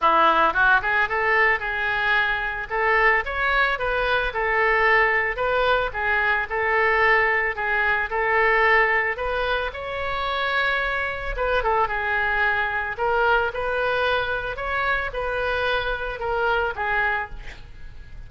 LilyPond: \new Staff \with { instrumentName = "oboe" } { \time 4/4 \tempo 4 = 111 e'4 fis'8 gis'8 a'4 gis'4~ | gis'4 a'4 cis''4 b'4 | a'2 b'4 gis'4 | a'2 gis'4 a'4~ |
a'4 b'4 cis''2~ | cis''4 b'8 a'8 gis'2 | ais'4 b'2 cis''4 | b'2 ais'4 gis'4 | }